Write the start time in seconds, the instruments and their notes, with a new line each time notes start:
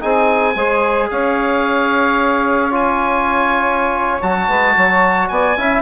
0.00 bassoon C4, trombone D#4, saxophone G#4, oboe G#5
0.55 bassoon G#3, trombone G#4, saxophone C5
1.10 bassoon C#4, saxophone C#5, oboe F5
2.71 trombone F4, oboe G#5
4.21 bassoon F#3, trombone F#4, oboe A5
4.48 bassoon G#3, saxophone B4
4.76 bassoon F#3, saxophone C#5
5.28 bassoon B3, saxophone D5, oboe G#5
5.57 bassoon C#4, trombone E4, saxophone E5